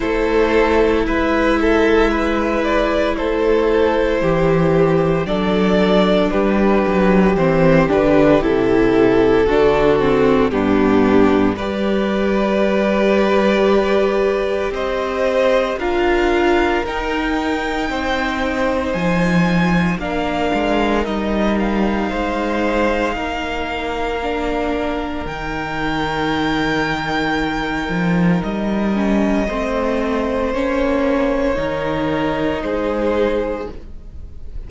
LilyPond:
<<
  \new Staff \with { instrumentName = "violin" } { \time 4/4 \tempo 4 = 57 c''4 e''4. d''8 c''4~ | c''4 d''4 b'4 c''8 b'8 | a'2 g'4 d''4~ | d''2 dis''4 f''4 |
g''2 gis''4 f''4 | dis''8 f''2.~ f''8 | g''2. dis''4~ | dis''4 cis''2 c''4 | }
  \new Staff \with { instrumentName = "violin" } { \time 4/4 a'4 b'8 a'8 b'4 a'4 | g'4 a'4 g'2~ | g'4 fis'4 d'4 b'4~ | b'2 c''4 ais'4~ |
ais'4 c''2 ais'4~ | ais'4 c''4 ais'2~ | ais'1 | c''2 ais'4 gis'4 | }
  \new Staff \with { instrumentName = "viola" } { \time 4/4 e'1~ | e'4 d'2 c'8 d'8 | e'4 d'8 c'8 b4 g'4~ | g'2. f'4 |
dis'2. d'4 | dis'2. d'4 | dis'2.~ dis'8 cis'8 | c'4 cis'4 dis'2 | }
  \new Staff \with { instrumentName = "cello" } { \time 4/4 a4 gis2 a4 | e4 fis4 g8 fis8 e8 d8 | c4 d4 g,4 g4~ | g2 c'4 d'4 |
dis'4 c'4 f4 ais8 gis8 | g4 gis4 ais2 | dis2~ dis8 f8 g4 | a4 ais4 dis4 gis4 | }
>>